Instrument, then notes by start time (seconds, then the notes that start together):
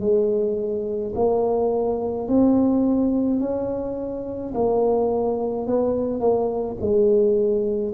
tuba
0.00 G#3
1.15 A#3
2.28 C4
3.40 C#4
4.54 A#3
5.67 B3
6.20 A#3
6.81 G#3